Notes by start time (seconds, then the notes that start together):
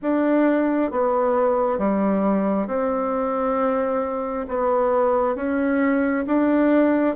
0.02 D4
0.91 B3
1.78 G3
2.67 C4
4.48 B3
5.35 C#4
6.26 D4